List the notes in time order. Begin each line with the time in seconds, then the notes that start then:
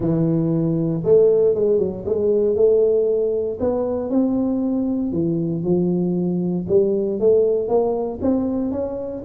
0.00 E3
1.04 A3
1.54 G#3
1.78 F#3
2.05 G#3
2.55 A3
3.59 B3
4.10 C4
5.12 E3
5.63 F3
6.68 G3
7.19 A3
7.68 A#3
8.21 C4
8.71 C#4